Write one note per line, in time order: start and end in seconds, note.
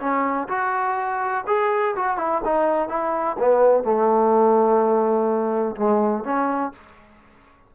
0.00 0.48 C#4
0.48 1.44 F#4
1.47 1.95 G#4
1.96 2.18 F#4
2.18 2.42 E4
2.45 2.89 D#4
2.89 3.37 E4
3.39 3.84 B3
3.84 5.76 A3
5.76 6.24 G#3
6.24 6.72 C#4